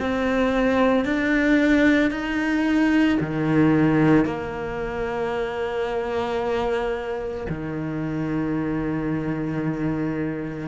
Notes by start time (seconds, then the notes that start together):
0.00 C4
1.05 D4
2.11 D#4
3.21 D#3
4.26 A#3
7.50 D#3